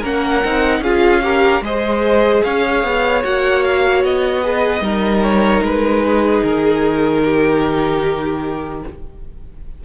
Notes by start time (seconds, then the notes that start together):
0.00 A#3 C#4 A#4 F#5
0.44 C4 D#4
0.80 C#4 F4 G#4 F5
1.22 G4 A#4
1.61 G#3 G#4 C5 D#5
2.43 C#4 C#5 F5
2.83 B3
3.23 A#3 F#4 F#5
3.63 F5
4.03 B3 D#5
4.43 G#4 B4
4.80 G3 D#4 A#4
5.23 C#5
5.62 G#3 B4
6.03 G#4
6.43 D#3 A#4
7.24 G4